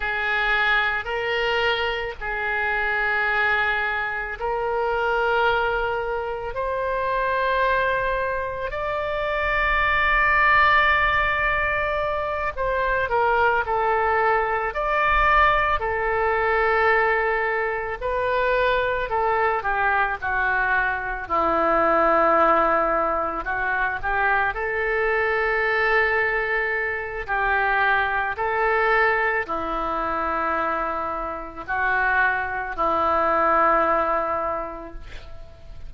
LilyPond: \new Staff \with { instrumentName = "oboe" } { \time 4/4 \tempo 4 = 55 gis'4 ais'4 gis'2 | ais'2 c''2 | d''2.~ d''8 c''8 | ais'8 a'4 d''4 a'4.~ |
a'8 b'4 a'8 g'8 fis'4 e'8~ | e'4. fis'8 g'8 a'4.~ | a'4 g'4 a'4 e'4~ | e'4 fis'4 e'2 | }